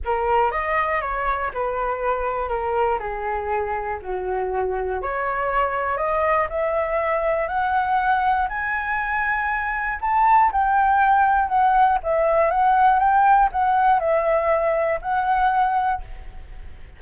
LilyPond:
\new Staff \with { instrumentName = "flute" } { \time 4/4 \tempo 4 = 120 ais'4 dis''4 cis''4 b'4~ | b'4 ais'4 gis'2 | fis'2 cis''2 | dis''4 e''2 fis''4~ |
fis''4 gis''2. | a''4 g''2 fis''4 | e''4 fis''4 g''4 fis''4 | e''2 fis''2 | }